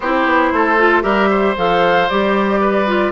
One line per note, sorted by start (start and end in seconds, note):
0.00 0.25 C4
0.00 0.78 E4
0.00 0.52 G4
0.00 1.02 C5
0.25 0.51 B3
0.52 1.03 A3
0.52 1.03 A4
0.78 1.02 F4
1.02 1.55 G3
1.02 1.54 G4
1.02 1.29 A#4
1.02 1.55 E5
1.30 2.60 C5
1.57 2.09 F3
1.57 2.09 A4
1.57 2.08 F5
2.08 3.11 G3
2.08 2.86 G4
2.08 3.11 D5
2.60 3.11 B4
2.86 3.11 F4